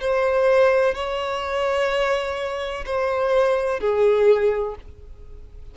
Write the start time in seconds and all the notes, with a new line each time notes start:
0.00 C5
0.94 C#5
2.85 C5
3.80 G#4